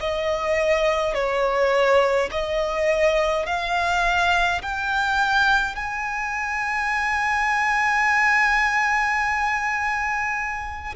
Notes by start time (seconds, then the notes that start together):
0.00 D#5
1.14 C#5
2.31 D#5
3.46 F5
4.62 G5
5.76 G#5